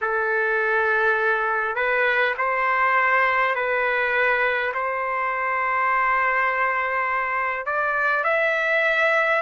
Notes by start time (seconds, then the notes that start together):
0.01 A4
1.75 B4
2.37 C5
3.55 B4
4.73 C5
7.65 D5
8.24 E5